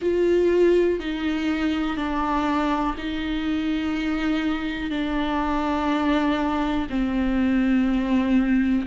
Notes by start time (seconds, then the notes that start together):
0.01 F4
0.99 D#4
1.97 D4
2.97 D#4
4.90 D4
6.89 C4